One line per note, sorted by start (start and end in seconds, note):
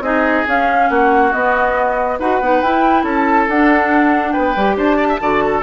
0.00 0.43 C4
0.00 0.45 D#4
0.00 0.89 G#4
0.00 0.46 D#5
0.47 0.89 C#4
0.47 1.32 C#4
0.47 0.89 F5
0.89 1.32 A#3
0.89 2.19 F#4
0.89 1.32 F#5
1.32 2.19 B3
1.32 2.18 D#5
2.19 2.40 D#4
2.19 2.41 F#4
2.19 3.03 B4
2.19 2.60 F#5
2.40 2.62 B3
2.40 2.63 D#4
2.60 3.03 E4
2.60 3.50 E4
2.60 3.04 G5
3.03 3.46 C#4
3.03 4.32 A4
3.09 3.49 A5
3.48 4.34 D4
3.48 4.57 D4
3.48 4.32 F#5
4.32 4.56 B3
4.32 4.75 B4
4.32 4.75 G5
4.56 4.76 G3
4.56 5.20 G4
4.76 5.19 D4
4.76 4.96 C5
4.76 5.62 A5
4.96 5.07 D5
5.08 5.19 E5
5.20 5.62 D3
5.20 5.62 F#4
5.20 5.43 D5
5.45 5.62 A4